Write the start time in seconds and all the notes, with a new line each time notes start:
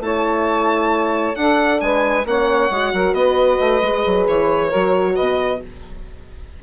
0.00 A3 E4 C#5 A5
1.35 D4 A4 F#5
1.81 G#3 B4 G#5
2.25 A#3 C#4 C#5 F#5
2.70 G#3 F#4
2.93 F#3 A#4
3.13 B3 B4 D#5
3.60 A3
3.82 G#3 G#4
4.06 F#3
4.28 E3 C#5
4.68 F#4 A#4
4.74 F#3
5.15 B2 B4 D#5